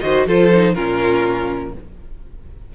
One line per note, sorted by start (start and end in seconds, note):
0.00 0.26 D#3
0.00 0.27 F#4
0.00 0.27 C5
0.00 0.25 D#5
0.26 0.76 F3
0.26 0.52 F4
0.26 0.75 A4
0.26 0.74 C5
0.52 0.76 D#4
0.74 1.75 A#2
0.74 1.74 C#4
0.74 1.73 F4
0.74 1.73 A#4